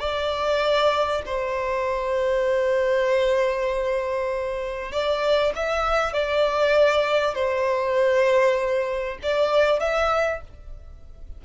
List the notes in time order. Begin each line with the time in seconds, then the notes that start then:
0.00 D5
1.26 C5
4.92 D5
5.55 E5
6.13 D5
7.35 C5
9.23 D5
9.80 E5